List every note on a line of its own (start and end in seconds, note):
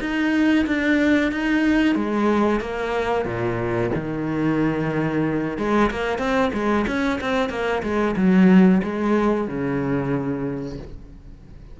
0.00 0.65 D#4
0.66 1.31 D4
1.31 1.95 D#4
1.95 2.60 G#3
2.60 3.25 A#3
3.25 3.90 A#2
3.95 5.57 D#3
5.57 5.90 G#3
5.91 6.18 A#3
6.18 6.51 C4
6.53 6.85 G#3
6.87 7.19 C#4
7.20 7.49 C4
7.49 7.82 A#3
7.82 8.15 G#3
8.16 8.81 F#3
8.83 9.47 G#3
9.47 10.78 C#3